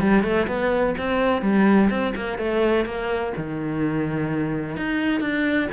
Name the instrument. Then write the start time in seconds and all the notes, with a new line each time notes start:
cello
0.00 G3
0.23 A3
0.47 B3
0.98 C4
1.42 G3
1.90 C4
2.15 A#3
2.38 A3
2.85 A#3
3.37 D#3
4.77 D#4
5.21 D4